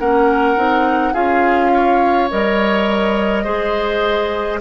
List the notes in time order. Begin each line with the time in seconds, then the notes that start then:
0.00 A#3 C#4 A#4 F#5
0.57 C4 D#4
1.14 C#4 F4 G#4 F5
1.74 C#5
2.31 G3 A#4 D#5
3.44 G#3 G#4 C5